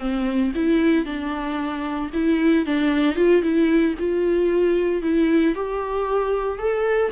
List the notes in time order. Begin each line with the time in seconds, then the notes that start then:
0.00 C4
0.56 E4
1.06 D4
2.14 E4
2.66 D4
3.16 F4
3.42 E4
4.00 F4
5.03 E4
5.56 G4
6.59 A4